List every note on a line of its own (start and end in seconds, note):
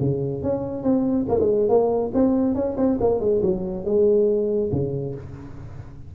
0.00 0.43 C#3
0.43 0.83 C#4
0.83 1.26 C4
1.29 1.40 A#3
1.40 1.69 G#3
1.69 2.12 A#3
2.14 2.55 C4
2.55 2.76 C#4
2.77 2.99 C4
3.01 3.20 A#3
3.20 3.41 G#3
3.43 3.85 F#3
3.85 4.71 G#3
4.72 5.15 C#3